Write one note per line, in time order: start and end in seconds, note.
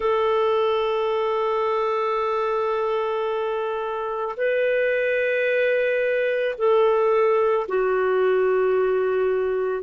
0.00 4.35 A4
4.36 6.55 B4
6.58 7.67 A4
7.68 9.83 F#4